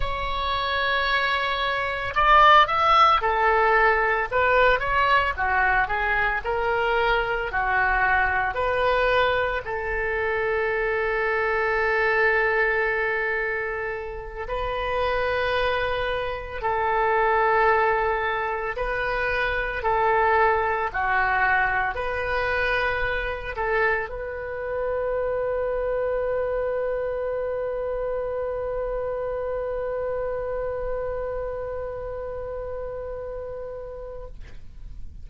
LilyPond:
\new Staff \with { instrumentName = "oboe" } { \time 4/4 \tempo 4 = 56 cis''2 d''8 e''8 a'4 | b'8 cis''8 fis'8 gis'8 ais'4 fis'4 | b'4 a'2.~ | a'4. b'2 a'8~ |
a'4. b'4 a'4 fis'8~ | fis'8 b'4. a'8 b'4.~ | b'1~ | b'1 | }